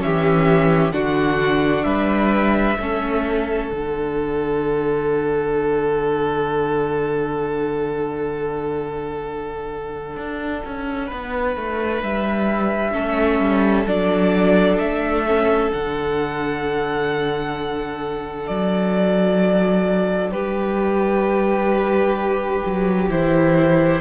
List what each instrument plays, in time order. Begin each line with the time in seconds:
0.00 cello E3, viola C#4, violin G4 E5
0.92 cello D3, viola D4, violin F#4 F#5
1.84 cello G3, violin B4 E5
2.79 cello A3, viola C#4, violin A4
3.69 cello D3, viola D4, violin F#5
10.17 cello D4
10.66 cello C#4
11.07 cello B3, violin B4
11.57 cello A3
12.03 cello G3, violin E5
12.93 cello A3, viola C#4, violin A4
13.40 cello G3
13.86 cello F#3, viola D4, violin D5
14.79 cello A3, violin E5
15.27 viola C#4
15.72 cello D3, viola D4, violin F#5
18.47 cello F#3, violin D5
20.31 cello G3, violin G4 B4
22.66 cello F#3
23.10 cello E3, viola E4, violin C5